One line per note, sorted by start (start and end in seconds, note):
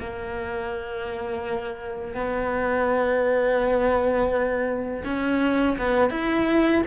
0.00 2.15 A#3
2.15 5.04 B3
5.05 5.77 C#4
5.78 6.11 B3
6.11 6.83 E4